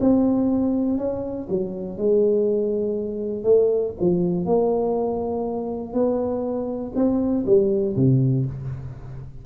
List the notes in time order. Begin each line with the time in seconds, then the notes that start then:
0.00 C4
0.98 C#4
1.49 F#3
1.97 G#3
3.43 A3
4.00 F3
4.45 A#3
5.93 B3
6.95 C4
7.45 G3
7.96 C3